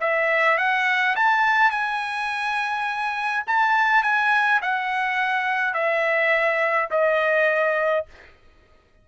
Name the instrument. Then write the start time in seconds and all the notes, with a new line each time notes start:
trumpet
0.00 E5
0.58 F#5
1.15 A5
1.71 G#5
3.47 A5
4.03 G#5
4.62 F#5
5.74 E5
6.90 D#5